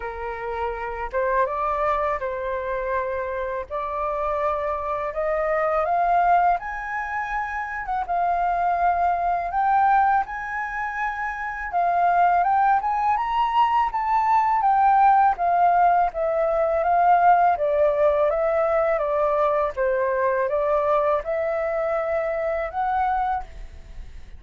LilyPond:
\new Staff \with { instrumentName = "flute" } { \time 4/4 \tempo 4 = 82 ais'4. c''8 d''4 c''4~ | c''4 d''2 dis''4 | f''4 gis''4.~ gis''16 fis''16 f''4~ | f''4 g''4 gis''2 |
f''4 g''8 gis''8 ais''4 a''4 | g''4 f''4 e''4 f''4 | d''4 e''4 d''4 c''4 | d''4 e''2 fis''4 | }